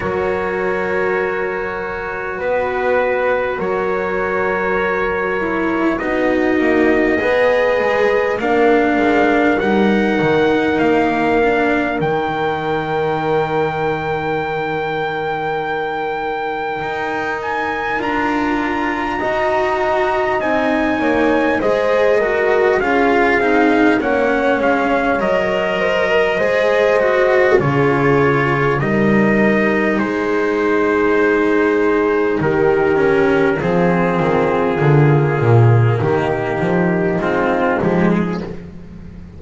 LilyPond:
<<
  \new Staff \with { instrumentName = "trumpet" } { \time 4/4 \tempo 4 = 50 cis''2 b'4 cis''4~ | cis''4 dis''2 f''4 | fis''4 f''4 g''2~ | g''2~ g''8 gis''8 ais''4~ |
ais''4 gis''4 dis''4 f''4 | fis''8 f''8 dis''2 cis''4 | dis''4 c''2 ais'4 | gis'2 g'4 f'8 g'16 gis'16 | }
  \new Staff \with { instrumentName = "horn" } { \time 4/4 ais'2 b'4 ais'4~ | ais'4 fis'4 b'4 ais'4~ | ais'1~ | ais'1 |
dis''4. cis''8 c''8 ais'8 gis'4 | cis''4. c''16 ais'16 c''4 gis'4 | ais'4 gis'2 g'4 | f'2 dis'2 | }
  \new Staff \with { instrumentName = "cello" } { \time 4/4 fis'1~ | fis'8 e'8 dis'4 gis'4 d'4 | dis'4. d'8 dis'2~ | dis'2. f'4 |
fis'4 dis'4 gis'8 fis'8 f'8 dis'8 | cis'4 ais'4 gis'8 fis'8 f'4 | dis'2.~ dis'8 cis'8 | c'4 ais2 c'8 gis8 | }
  \new Staff \with { instrumentName = "double bass" } { \time 4/4 fis2 b4 fis4~ | fis4 b8 ais8 b8 gis8 ais8 gis8 | g8 dis8 ais4 dis2~ | dis2 dis'4 d'4 |
dis'4 c'8 ais8 gis4 cis'8 c'8 | ais8 gis8 fis4 gis4 cis4 | g4 gis2 dis4 | f8 dis8 d8 ais,8 dis8 f8 gis8 f8 | }
>>